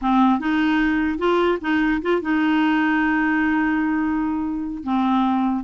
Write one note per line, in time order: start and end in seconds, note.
0.01 0.39 C4
0.39 1.18 D#4
1.18 1.58 F4
1.61 2.01 D#4
2.02 2.21 F4
2.21 4.83 D#4
4.83 5.64 C4